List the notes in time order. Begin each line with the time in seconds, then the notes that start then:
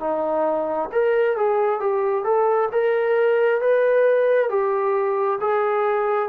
0.00 D#4
0.92 A#4
1.37 G#4
1.80 G4
2.24 A4
2.72 A#4
3.61 B4
4.49 G4
5.41 G#4